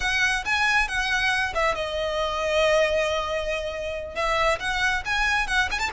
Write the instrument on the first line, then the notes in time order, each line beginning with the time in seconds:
violin
0.00 F#5
0.45 G#5
0.88 F#5
1.54 E5
1.75 D#5
4.15 E5
4.59 F#5
5.05 G#5
5.47 F#5
5.71 G#5
5.79 A5